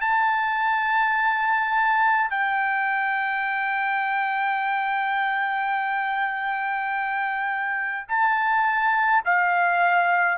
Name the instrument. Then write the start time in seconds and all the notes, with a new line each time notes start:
trumpet
0.00 A5
2.30 G5
8.08 A5
9.25 F5